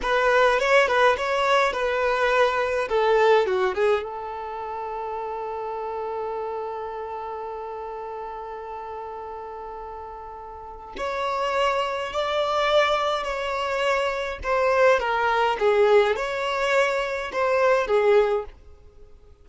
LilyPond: \new Staff \with { instrumentName = "violin" } { \time 4/4 \tempo 4 = 104 b'4 cis''8 b'8 cis''4 b'4~ | b'4 a'4 fis'8 gis'8 a'4~ | a'1~ | a'1~ |
a'2. cis''4~ | cis''4 d''2 cis''4~ | cis''4 c''4 ais'4 gis'4 | cis''2 c''4 gis'4 | }